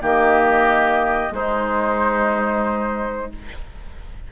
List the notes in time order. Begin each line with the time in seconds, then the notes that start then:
0.00 D#3 A#3 G4 D#5
1.31 G#3 D#4 C5